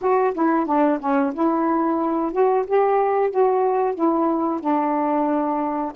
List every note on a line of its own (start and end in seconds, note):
0.01 0.34 F#4
0.34 0.66 E4
0.66 0.99 D4
1.00 1.33 C#4
1.34 2.32 E4
2.32 2.65 F#4
2.66 3.30 G4
3.30 3.94 F#4
3.94 4.60 E4
4.60 5.92 D4